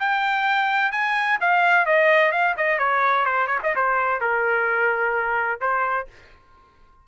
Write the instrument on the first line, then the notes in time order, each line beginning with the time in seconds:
trumpet
0.00 G5
0.92 G#5
1.41 F5
1.86 D#5
2.32 F5
2.57 D#5
2.79 C#5
3.26 C5
3.48 C#5
3.64 D#5
3.76 C5
4.21 A#4
5.61 C5